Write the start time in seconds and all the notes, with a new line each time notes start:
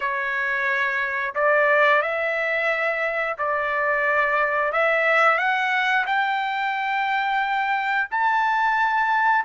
0.00 C#5
1.35 D5
2.01 E5
3.38 D5
4.72 E5
5.37 F#5
6.06 G5
8.11 A5